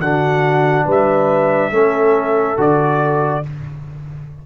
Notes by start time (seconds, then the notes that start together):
0.00 D3 D4 F#4 F#5
0.86 G3 B4 E5
1.71 A3 C#4 A4
2.57 D3 F#4 D5